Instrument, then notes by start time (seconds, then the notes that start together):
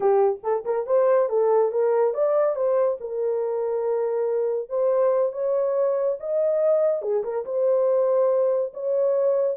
horn
0.00 G4
0.43 A4
0.65 A#4
0.86 C5
1.29 A4
1.71 A#4
2.14 D5
2.55 C5
3.00 A#4
4.69 C5
5.32 C#5
6.20 D#5
7.01 G#4
7.23 A#4
7.45 C5
8.73 C#5